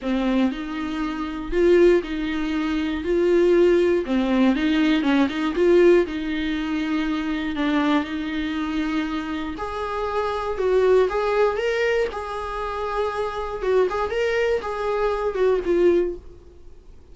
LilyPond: \new Staff \with { instrumentName = "viola" } { \time 4/4 \tempo 4 = 119 c'4 dis'2 f'4 | dis'2 f'2 | c'4 dis'4 cis'8 dis'8 f'4 | dis'2. d'4 |
dis'2. gis'4~ | gis'4 fis'4 gis'4 ais'4 | gis'2. fis'8 gis'8 | ais'4 gis'4. fis'8 f'4 | }